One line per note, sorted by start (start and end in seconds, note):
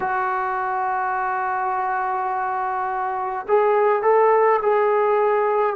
0.00 3.46 F#4
3.48 4.02 G#4
4.02 4.59 A4
4.62 5.76 G#4